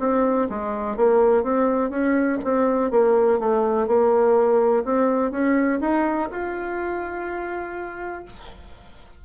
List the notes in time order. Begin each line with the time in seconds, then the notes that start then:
0.00 C4
0.49 G#3
0.97 A#3
1.43 C4
1.90 C#4
2.44 C4
2.91 A#3
3.40 A3
3.88 A#3
4.85 C4
5.31 C#4
5.81 D#4
6.32 F4